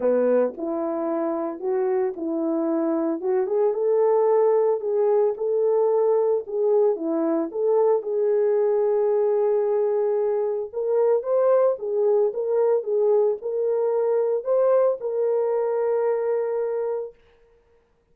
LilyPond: \new Staff \with { instrumentName = "horn" } { \time 4/4 \tempo 4 = 112 b4 e'2 fis'4 | e'2 fis'8 gis'8 a'4~ | a'4 gis'4 a'2 | gis'4 e'4 a'4 gis'4~ |
gis'1 | ais'4 c''4 gis'4 ais'4 | gis'4 ais'2 c''4 | ais'1 | }